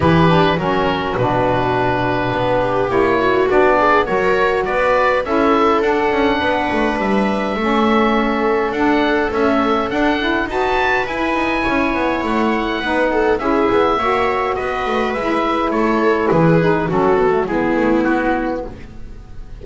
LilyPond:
<<
  \new Staff \with { instrumentName = "oboe" } { \time 4/4 \tempo 4 = 103 b'4 ais'4 b'2~ | b'4 cis''4 d''4 cis''4 | d''4 e''4 fis''2 | e''2. fis''4 |
e''4 fis''4 a''4 gis''4~ | gis''4 fis''2 e''4~ | e''4 dis''4 e''4 cis''4 | b'4 a'4 gis'4 fis'4 | }
  \new Staff \with { instrumentName = "viola" } { \time 4/4 g'4 fis'2.~ | fis'8 g'4 fis'4 gis'8 ais'4 | b'4 a'2 b'4~ | b'4 a'2.~ |
a'2 b'2 | cis''2 b'8 a'8 gis'4 | cis''4 b'2 a'4 | gis'4 fis'4 e'2 | }
  \new Staff \with { instrumentName = "saxophone" } { \time 4/4 e'8 d'8 cis'4 d'2~ | d'4 e'4 d'4 fis'4~ | fis'4 e'4 d'2~ | d'4 cis'2 d'4 |
a4 d'8 e'8 fis'4 e'4~ | e'2 dis'4 e'4 | fis'2 e'2~ | e'8 dis'8 cis'8 b16 a16 b2 | }
  \new Staff \with { instrumentName = "double bass" } { \time 4/4 e4 fis4 b,2 | b4 ais4 b4 fis4 | b4 cis'4 d'8 cis'8 b8 a8 | g4 a2 d'4 |
cis'4 d'4 dis'4 e'8 dis'8 | cis'8 b8 a4 b4 cis'8 b8 | ais4 b8 a8 gis4 a4 | e4 fis4 gis8 a8 b4 | }
>>